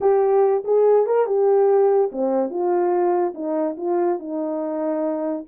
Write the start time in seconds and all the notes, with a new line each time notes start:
0.00 G4
0.64 G#4
1.06 A#4
1.26 G4
2.12 C4
2.49 F4
3.34 D#4
3.77 F4
4.19 D#4